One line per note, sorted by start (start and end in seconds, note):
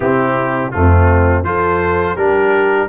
0.00 0.72 C3
0.00 0.72 C4
0.00 0.71 E4
0.00 0.71 G4
0.71 1.43 F2
0.71 1.44 A3
0.71 1.46 C4
0.71 1.43 F4
1.43 2.15 F3
1.43 2.16 F4
1.43 2.15 A4
1.43 2.16 C5
2.15 2.88 G3
2.15 2.88 D4
2.15 2.87 G4
2.15 2.88 A#4